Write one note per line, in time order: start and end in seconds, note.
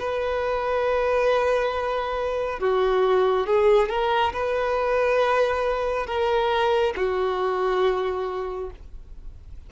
0.00 2.60 B4
2.60 3.47 F#4
3.47 3.89 G#4
3.89 4.33 A#4
4.34 6.07 B4
6.07 6.94 A#4
6.97 8.71 F#4